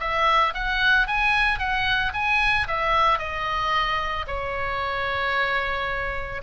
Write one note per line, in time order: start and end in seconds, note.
0.00 0.54 E5
0.54 1.07 F#5
1.07 1.59 G#5
1.59 2.12 F#5
2.13 2.67 G#5
2.67 3.19 E5
3.19 4.26 D#5
4.27 6.41 C#5